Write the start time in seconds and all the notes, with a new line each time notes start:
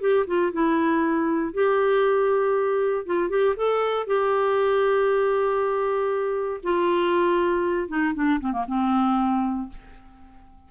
0.00 G4
0.27 F4
0.52 E4
1.53 G4
3.06 F4
3.29 G4
3.56 A4
4.06 G4
6.63 F4
7.88 D#4
8.14 D4
8.40 C4
8.52 A#3
8.67 C4